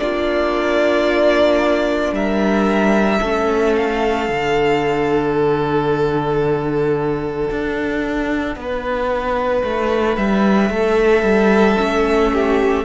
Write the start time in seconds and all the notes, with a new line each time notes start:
0.00 A#3 D4 F4 D5
2.12 G3 A#4 E5
3.21 A3 C#4 A4
3.77 F5
4.29 D3 D4
5.35 F#5
7.51 D4
8.56 B3 B4
9.64 A3
10.17 G3 E5
10.70 A3 A4
11.23 G3
11.78 A3 C#4
12.34 G4